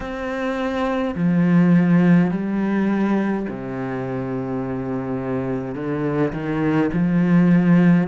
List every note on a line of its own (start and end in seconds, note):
0.00 1.14 C4
1.15 2.30 F3
2.31 3.46 G3
3.49 5.74 C3
5.74 6.32 D3
6.32 6.90 D#3
6.92 8.07 F3